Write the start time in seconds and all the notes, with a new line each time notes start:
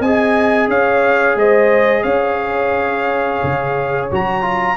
0.00 C4 G#4 D#5 G#5
0.68 C#4 C#5 F5
1.36 G#3 C5 D#5
2.03 C#4 C#5 F5
3.43 C#3
4.11 F#3 F#4 A#5
4.42 F4